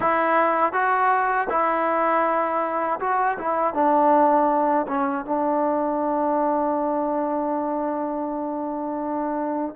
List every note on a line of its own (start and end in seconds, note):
0.00 0.72 E4
0.72 1.47 F#4
1.49 2.99 E4
3.00 3.37 F#4
3.38 3.73 E4
3.73 4.86 D4
4.87 5.25 C#4
5.25 9.75 D4